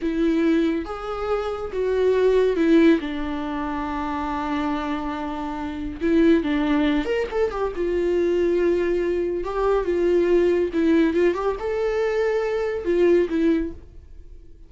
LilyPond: \new Staff \with { instrumentName = "viola" } { \time 4/4 \tempo 4 = 140 e'2 gis'2 | fis'2 e'4 d'4~ | d'1~ | d'2 e'4 d'4~ |
d'8 ais'8 a'8 g'8 f'2~ | f'2 g'4 f'4~ | f'4 e'4 f'8 g'8 a'4~ | a'2 f'4 e'4 | }